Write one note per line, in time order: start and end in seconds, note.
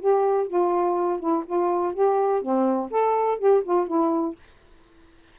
0.00 0.48 G4
0.48 1.20 F4
1.20 1.44 E4
1.46 1.94 F4
1.94 2.42 G4
2.42 2.91 C4
2.91 3.39 A4
3.39 3.63 G4
3.64 3.87 F4
3.87 4.36 E4